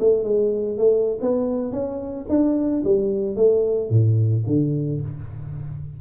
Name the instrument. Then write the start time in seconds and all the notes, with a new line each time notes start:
tuba
0.00 A3
0.24 G#3
0.78 A3
1.21 B3
1.72 C#4
2.29 D4
2.85 G3
3.36 A3
3.90 A2
4.47 D3